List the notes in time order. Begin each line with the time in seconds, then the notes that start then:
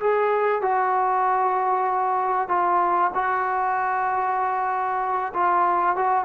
0.00 G#4
0.61 F#4
2.48 F4
3.14 F#4
5.33 F4
5.96 F#4